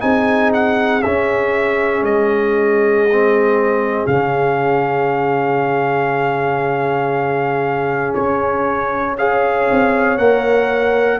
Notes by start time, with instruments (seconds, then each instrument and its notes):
0.00 tuba C4, trombone D#4, horn G#4, trumpet G#5
0.54 trumpet F#5
1.02 tuba C#4, trombone C#4, trumpet E5
2.02 tuba G#3, trumpet D#5
3.12 trombone C4
4.07 tuba C#3, trombone C#4, trumpet F5
8.14 tuba C#4, trumpet C#5
9.18 trombone G#4, horn C#5, trumpet F5
9.71 tuba C4
10.18 tuba A#3, trombone A#4, trumpet F#5